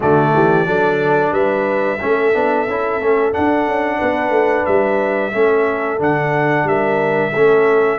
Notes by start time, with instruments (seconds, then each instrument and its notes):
0.00 tuba D3, trombone A3, horn F#4, trumpet D5
0.33 tuba E3, horn G4
0.65 tuba F#3, trombone D4, horn A4
1.31 tuba G3, horn B4, trumpet E5
2.00 tuba A3, trombone C#4, horn A4
2.33 tuba B3, trombone D4
2.67 tuba C#4, trombone E4
3.00 tuba A3, trombone C#4
3.32 trombone D4, tuba D4, trumpet F#5
3.67 tuba C#4
3.98 tuba B3, horn B4
4.30 tuba A3
4.65 tuba G3, trumpet E5
5.32 tuba A3, trombone C#4, horn A4
5.98 tuba D3, trombone D4, trumpet F#5
6.63 tuba G3, horn A#4, trumpet E5
7.31 tuba A3, trombone C#4, horn A4